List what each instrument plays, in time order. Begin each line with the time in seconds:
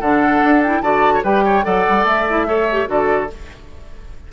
0.00 bassoon D3, clarinet D4, oboe A4, flute F#5
0.44 bassoon D4
0.63 clarinet E4, flute G5
0.81 bassoon D3, clarinet F#4, oboe D5, flute A5
1.14 oboe C#5
1.24 bassoon G3, clarinet G4, oboe B4, flute G5
1.45 oboe C#5
1.63 bassoon F#3, clarinet A4, oboe D5, flute F#5
1.88 bassoon G3
2.04 bassoon A3, flute E5
2.30 clarinet E4
2.47 clarinet A4, oboe C#5
2.71 clarinet G4
2.86 bassoon D3, clarinet F#4, oboe A4, flute D5